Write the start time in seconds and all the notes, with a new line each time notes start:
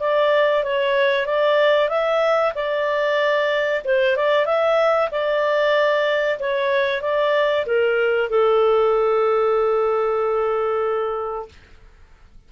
0.00 D5
0.64 C#5
1.26 D5
1.89 E5
2.55 D5
3.85 C5
4.17 D5
4.46 E5
5.12 D5
6.39 C#5
7.02 D5
7.66 A#4
8.30 A4